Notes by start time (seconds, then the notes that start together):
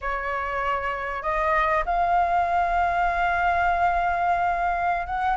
0.01 C#5
1.22 D#5
1.85 F5
5.06 F#5